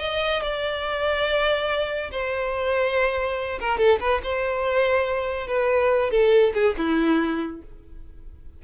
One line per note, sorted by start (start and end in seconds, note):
0.00 0.42 D#5
0.42 2.11 D5
2.11 3.59 C5
3.60 3.78 A#4
3.78 3.99 A4
4.00 4.21 B4
4.23 5.47 C5
5.47 6.11 B4
6.11 6.53 A4
6.54 6.75 G#4
6.78 7.62 E4